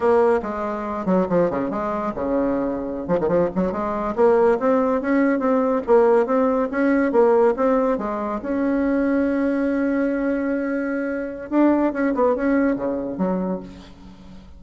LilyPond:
\new Staff \with { instrumentName = "bassoon" } { \time 4/4 \tempo 4 = 141 ais4 gis4. fis8 f8 cis8 | gis4 cis2~ cis16 f16 dis16 f16~ | f16 fis8 gis4 ais4 c'4 cis'16~ | cis'8. c'4 ais4 c'4 cis'16~ |
cis'8. ais4 c'4 gis4 cis'16~ | cis'1~ | cis'2. d'4 | cis'8 b8 cis'4 cis4 fis4 | }